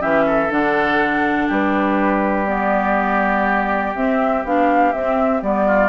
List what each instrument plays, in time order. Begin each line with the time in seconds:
0.00 bassoon E3, clarinet C#4, oboe G4, flute E5
0.26 oboe A4
0.50 bassoon D3, clarinet D4, flute F#5
1.48 bassoon G3, oboe G4, flute B4
2.47 clarinet B3, flute D5
3.95 bassoon C4, clarinet C4, flute E5
4.44 bassoon B3, clarinet D4, flute F5
4.93 bassoon C4, clarinet C4, flute E5
5.41 bassoon G3, clarinet B3, flute D5
5.67 oboe F4